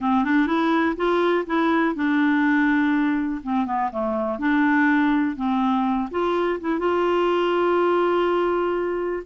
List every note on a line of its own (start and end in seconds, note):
0.00 0.24 C4
0.24 0.46 D4
0.46 0.95 E4
0.96 1.45 F4
1.46 1.95 E4
1.95 3.41 D4
3.43 3.66 C4
3.66 3.90 B3
3.91 4.39 A3
4.39 5.35 D4
5.35 6.09 C4
6.10 6.59 F4
6.60 6.79 E4
6.79 9.23 F4